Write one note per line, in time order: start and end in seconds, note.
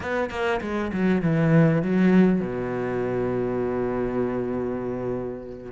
0.00 0.29 B3
0.30 0.60 A#3
0.61 0.91 G#3
0.93 1.22 F#3
1.22 1.82 E3
1.82 2.40 F#3
2.40 5.71 B2